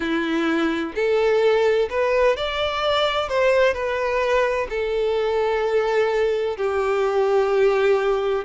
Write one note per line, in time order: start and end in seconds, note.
0.00 0.93 E4
0.95 1.88 A4
1.90 2.36 B4
2.36 3.29 D5
3.29 3.73 C5
3.73 4.67 B4
4.69 6.56 A4
6.56 8.44 G4